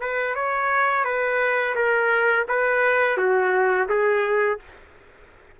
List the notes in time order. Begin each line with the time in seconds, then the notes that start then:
0.00 B4
0.35 C#5
1.04 B4
1.75 A#4
2.48 B4
3.17 F#4
3.89 G#4